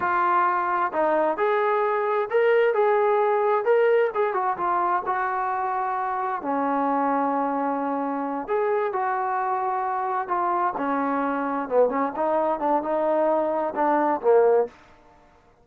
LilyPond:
\new Staff \with { instrumentName = "trombone" } { \time 4/4 \tempo 4 = 131 f'2 dis'4 gis'4~ | gis'4 ais'4 gis'2 | ais'4 gis'8 fis'8 f'4 fis'4~ | fis'2 cis'2~ |
cis'2~ cis'8 gis'4 fis'8~ | fis'2~ fis'8 f'4 cis'8~ | cis'4. b8 cis'8 dis'4 d'8 | dis'2 d'4 ais4 | }